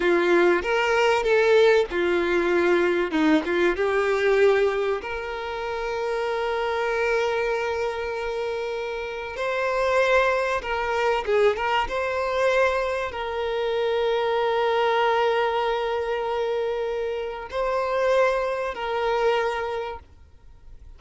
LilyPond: \new Staff \with { instrumentName = "violin" } { \time 4/4 \tempo 4 = 96 f'4 ais'4 a'4 f'4~ | f'4 dis'8 f'8 g'2 | ais'1~ | ais'2. c''4~ |
c''4 ais'4 gis'8 ais'8 c''4~ | c''4 ais'2.~ | ais'1 | c''2 ais'2 | }